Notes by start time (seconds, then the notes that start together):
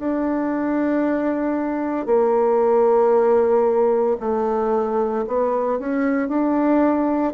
0.00 D4
2.07 A#3
4.21 A3
5.28 B3
5.80 C#4
6.29 D4